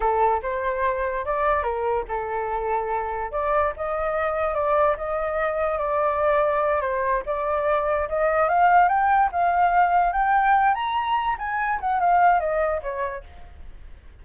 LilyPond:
\new Staff \with { instrumentName = "flute" } { \time 4/4 \tempo 4 = 145 a'4 c''2 d''4 | ais'4 a'2. | d''4 dis''2 d''4 | dis''2 d''2~ |
d''8 c''4 d''2 dis''8~ | dis''8 f''4 g''4 f''4.~ | f''8 g''4. ais''4. gis''8~ | gis''8 fis''8 f''4 dis''4 cis''4 | }